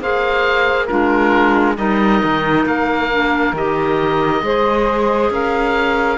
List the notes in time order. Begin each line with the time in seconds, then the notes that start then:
0.00 A#3 G#4 C5 F5
0.86 G#3 D4 F4 A#4
1.77 G3 D#4 A#4 D#5
2.23 D#3
2.66 A#3 F5
3.11 D4
3.53 D#3 G4 D#5
4.42 G#3 G#4 C5
5.30 C#4 A#4 F5